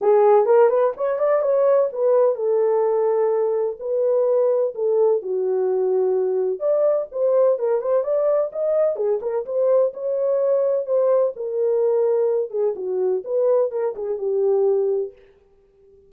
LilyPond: \new Staff \with { instrumentName = "horn" } { \time 4/4 \tempo 4 = 127 gis'4 ais'8 b'8 cis''8 d''8 cis''4 | b'4 a'2. | b'2 a'4 fis'4~ | fis'2 d''4 c''4 |
ais'8 c''8 d''4 dis''4 gis'8 ais'8 | c''4 cis''2 c''4 | ais'2~ ais'8 gis'8 fis'4 | b'4 ais'8 gis'8 g'2 | }